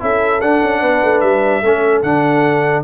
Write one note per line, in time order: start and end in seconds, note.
0.00 0.42 C#4
0.00 0.41 E4
0.00 0.80 A4
0.00 0.41 E5
0.41 0.62 D4
0.41 1.64 D4
0.41 1.21 F#5
0.63 0.82 C#4
0.80 1.02 B3
0.80 1.61 B4
1.03 1.22 A3
1.21 1.62 G3
1.21 2.02 E5
1.62 2.03 A3
1.62 2.05 C#4
1.62 2.85 A4
2.03 2.84 D3
2.03 2.85 D4
2.03 2.84 F#5